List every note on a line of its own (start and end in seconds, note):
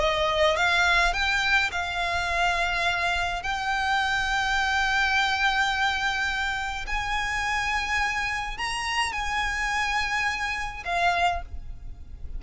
0.00 0.57 D#5
0.57 1.14 F5
1.14 1.71 G5
1.72 3.43 F5
3.43 6.86 G5
6.87 8.58 G#5
8.58 9.13 A#5
9.13 10.84 G#5
10.85 11.43 F5